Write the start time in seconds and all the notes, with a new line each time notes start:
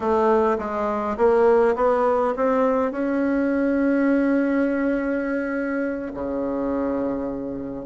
0.00 A3
0.58 G#3
1.17 A#3
1.75 B3
2.36 C4
2.91 C#4
6.14 C#3